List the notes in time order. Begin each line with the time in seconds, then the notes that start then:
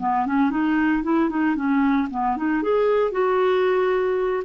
0.00 B3
0.26 C#4
0.51 D#4
1.04 E4
1.30 D#4
1.56 C#4
2.11 B3
2.37 D#4
2.63 G#4
3.12 F#4